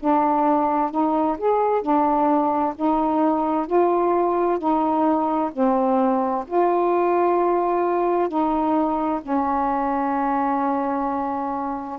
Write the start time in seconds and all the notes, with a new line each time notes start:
0.00 D4
0.91 D#4
1.38 G#4
1.82 D4
2.76 D#4
3.67 F4
4.59 D#4
5.53 C4
6.47 F4
8.29 D#4
9.22 C#4